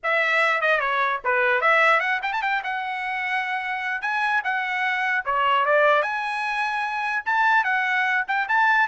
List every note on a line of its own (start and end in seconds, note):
0.03 0.61 E5
0.61 0.80 D#5
0.80 1.20 C#5
1.24 1.61 B4
1.61 2.00 E5
2.00 2.20 F#5
2.22 2.32 G5
2.32 2.42 A5
2.42 2.62 G5
2.63 4.01 F#5
4.01 4.41 G#5
4.43 5.24 F#5
5.25 5.65 C#5
5.65 6.02 D5
6.02 7.23 G#5
7.25 7.64 A5
7.64 8.24 F#5
8.27 8.47 G5
8.48 8.87 A5